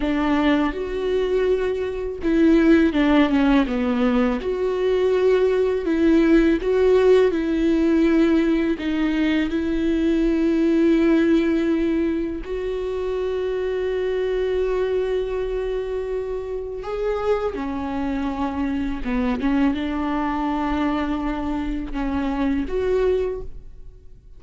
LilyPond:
\new Staff \with { instrumentName = "viola" } { \time 4/4 \tempo 4 = 82 d'4 fis'2 e'4 | d'8 cis'8 b4 fis'2 | e'4 fis'4 e'2 | dis'4 e'2.~ |
e'4 fis'2.~ | fis'2. gis'4 | cis'2 b8 cis'8 d'4~ | d'2 cis'4 fis'4 | }